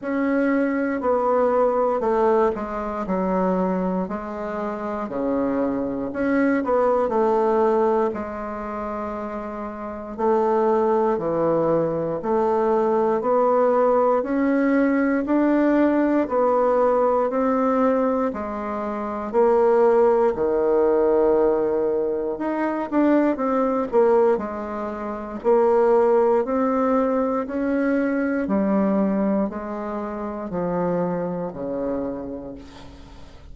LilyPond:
\new Staff \with { instrumentName = "bassoon" } { \time 4/4 \tempo 4 = 59 cis'4 b4 a8 gis8 fis4 | gis4 cis4 cis'8 b8 a4 | gis2 a4 e4 | a4 b4 cis'4 d'4 |
b4 c'4 gis4 ais4 | dis2 dis'8 d'8 c'8 ais8 | gis4 ais4 c'4 cis'4 | g4 gis4 f4 cis4 | }